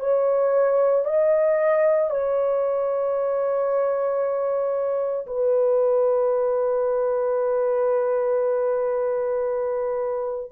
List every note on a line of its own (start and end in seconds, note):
0.00 1.05 C#5
1.05 2.11 D#5
2.11 5.26 C#5
5.27 10.52 B4